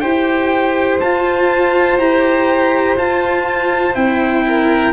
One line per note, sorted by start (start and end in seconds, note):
0.00 1.02 E4
0.00 1.00 G4
0.00 4.44 C5
0.00 0.98 G5
1.00 1.98 F4
1.00 1.99 A5
1.98 2.96 E4
1.98 2.97 G4
1.98 2.97 A#5
2.97 3.95 F4
2.97 3.94 F4
2.97 3.95 A5
3.94 4.93 C4
3.94 4.93 E4
3.94 4.93 G5
4.47 4.93 A#4